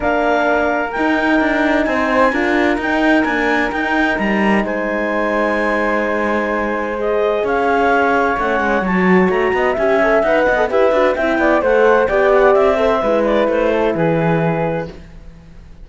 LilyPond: <<
  \new Staff \with { instrumentName = "clarinet" } { \time 4/4 \tempo 4 = 129 f''2 g''2 | gis''2 g''4 gis''4 | g''4 ais''4 gis''2~ | gis''2. dis''4 |
f''2 fis''4 a''4 | ais''4 gis''4 fis''4 e''4 | g''4 fis''4 g''8 fis''8 e''4~ | e''8 d''8 c''4 b'2 | }
  \new Staff \with { instrumentName = "flute" } { \time 4/4 ais'1 | c''4 ais'2.~ | ais'2 c''2~ | c''1 |
cis''1~ | cis''8 dis''8 e''4. dis''8 b'4 | e''8 d''8 c''4 d''4. c''8 | b'4. a'8 gis'2 | }
  \new Staff \with { instrumentName = "horn" } { \time 4/4 d'2 dis'2~ | dis'4 f'4 dis'4 ais4 | dis'1~ | dis'2. gis'4~ |
gis'2 cis'4 fis'4~ | fis'4 g'8 a'8 b'8. a'16 g'8 fis'8 | e'4 a'4 g'4. a'8 | e'1 | }
  \new Staff \with { instrumentName = "cello" } { \time 4/4 ais2 dis'4 d'4 | c'4 d'4 dis'4 d'4 | dis'4 g4 gis2~ | gis1 |
cis'2 a8 gis8 fis4 | a8 b8 cis'4 dis'8 b8 e'8 d'8 | c'8 b8 a4 b4 c'4 | gis4 a4 e2 | }
>>